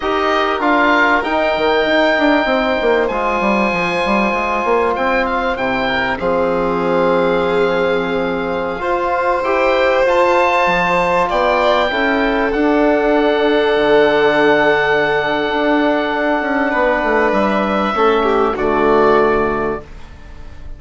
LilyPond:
<<
  \new Staff \with { instrumentName = "oboe" } { \time 4/4 \tempo 4 = 97 dis''4 f''4 g''2~ | g''4 gis''2. | g''8 f''8 g''4 f''2~ | f''2.~ f''16 g''8.~ |
g''16 a''2 g''4.~ g''16~ | g''16 fis''2.~ fis''8.~ | fis''1 | e''2 d''2 | }
  \new Staff \with { instrumentName = "violin" } { \time 4/4 ais'1 | c''1~ | c''4. ais'8 gis'2~ | gis'2~ gis'16 c''4.~ c''16~ |
c''2~ c''16 d''4 a'8.~ | a'1~ | a'2. b'4~ | b'4 a'8 g'8 fis'2 | }
  \new Staff \with { instrumentName = "trombone" } { \time 4/4 g'4 f'4 dis'2~ | dis'4 f'2.~ | f'4 e'4 c'2~ | c'2~ c'16 f'4 g'8.~ |
g'16 f'2. e'8.~ | e'16 d'2.~ d'8.~ | d'1~ | d'4 cis'4 a2 | }
  \new Staff \with { instrumentName = "bassoon" } { \time 4/4 dis'4 d'4 dis'8 dis8 dis'8 d'8 | c'8 ais8 gis8 g8 f8 g8 gis8 ais8 | c'4 c4 f2~ | f2~ f16 f'4 e'8.~ |
e'16 f'4 f4 b4 cis'8.~ | cis'16 d'2 d4.~ d16~ | d4 d'4. cis'8 b8 a8 | g4 a4 d2 | }
>>